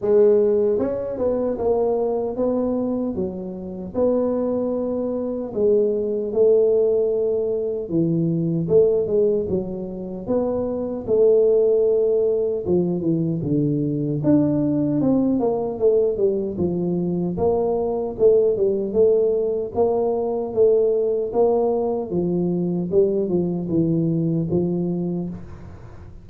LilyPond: \new Staff \with { instrumentName = "tuba" } { \time 4/4 \tempo 4 = 76 gis4 cis'8 b8 ais4 b4 | fis4 b2 gis4 | a2 e4 a8 gis8 | fis4 b4 a2 |
f8 e8 d4 d'4 c'8 ais8 | a8 g8 f4 ais4 a8 g8 | a4 ais4 a4 ais4 | f4 g8 f8 e4 f4 | }